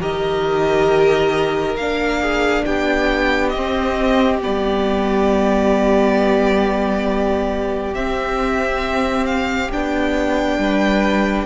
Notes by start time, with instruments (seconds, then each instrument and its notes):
0.00 cello D#3, viola G4, violin A#4 D#5
1.74 cello A#3, viola D4, violin F5
2.20 violin G#4
2.65 cello B3, violin G4 G5
3.49 cello C4, violin D#5
3.56 viola C4
4.41 cello G3, viola B3, violin D5
7.94 cello C4, viola C4, violin E5
9.26 violin F5
9.71 cello B3, viola D4, violin G5
10.58 cello G3, violin B4